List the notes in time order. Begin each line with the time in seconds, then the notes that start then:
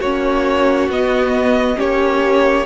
0.00 A#3 C#4 F#4 C#5
0.88 B3 D#5
1.75 A#3 C#4 G4 C#5